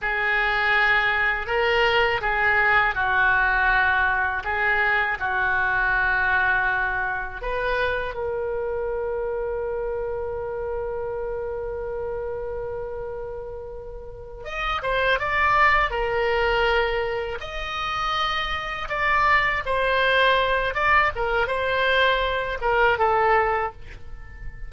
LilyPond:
\new Staff \with { instrumentName = "oboe" } { \time 4/4 \tempo 4 = 81 gis'2 ais'4 gis'4 | fis'2 gis'4 fis'4~ | fis'2 b'4 ais'4~ | ais'1~ |
ais'2.~ ais'8 dis''8 | c''8 d''4 ais'2 dis''8~ | dis''4. d''4 c''4. | d''8 ais'8 c''4. ais'8 a'4 | }